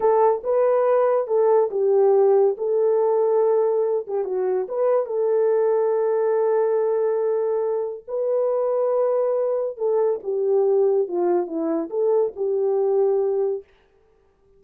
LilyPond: \new Staff \with { instrumentName = "horn" } { \time 4/4 \tempo 4 = 141 a'4 b'2 a'4 | g'2 a'2~ | a'4. g'8 fis'4 b'4 | a'1~ |
a'2. b'4~ | b'2. a'4 | g'2 f'4 e'4 | a'4 g'2. | }